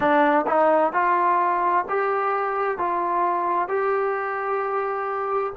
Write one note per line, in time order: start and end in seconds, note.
0.00 0.45 D4
0.47 0.92 D#4
0.92 1.85 F4
1.88 2.78 G4
2.78 3.68 F4
3.68 5.53 G4